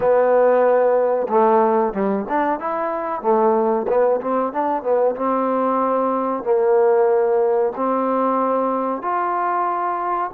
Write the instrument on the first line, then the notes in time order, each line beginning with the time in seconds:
trombone
0.00 B3
1.28 A3
1.93 G3
2.28 D4
2.59 E4
3.21 A3
3.88 B3
4.20 C4
4.52 D4
4.82 B3
5.15 C4
6.43 A#3
7.76 C4
9.01 F4